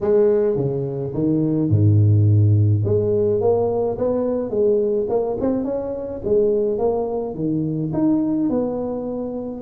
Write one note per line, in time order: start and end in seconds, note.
0.01 0.56 G#3
0.56 1.12 C#3
1.13 1.69 D#3
1.69 2.83 G#2
2.84 3.41 G#3
3.41 3.97 A#3
3.98 4.50 B3
4.50 5.06 G#3
5.09 5.37 A#3
5.40 5.64 C4
5.64 6.21 C#4
6.24 6.78 G#3
6.78 7.34 A#3
7.35 7.91 D#3
7.93 8.49 D#4
8.49 9.61 B3